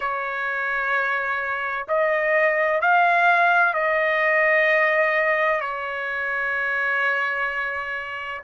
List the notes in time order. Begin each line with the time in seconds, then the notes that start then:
0.00 C#5
1.87 D#5
2.81 F5
3.73 D#5
5.60 C#5